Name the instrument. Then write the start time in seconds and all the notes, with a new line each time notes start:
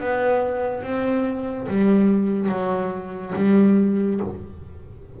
double bass
0.00 B3
0.82 C4
1.67 G3
2.49 F#3
3.35 G3